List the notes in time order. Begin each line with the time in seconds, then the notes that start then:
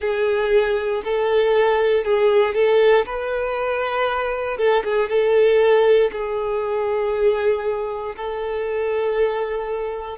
0.00 G#4
1.04 A4
2.04 G#4
2.54 A4
3.05 B4
4.57 A4
4.84 G#4
5.08 A4
6.12 G#4
8.16 A4